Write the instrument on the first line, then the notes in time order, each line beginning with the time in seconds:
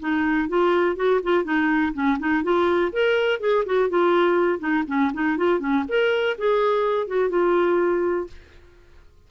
clarinet
0.00 D#4
0.49 F4
0.96 F#4
1.23 F4
1.44 D#4
1.94 C#4
2.19 D#4
2.43 F4
2.92 A#4
3.40 G#4
3.65 F#4
3.89 F4
4.59 D#4
4.87 C#4
5.14 D#4
5.37 F4
5.60 C#4
5.88 A#4
6.38 G#4
7.07 F#4
7.29 F4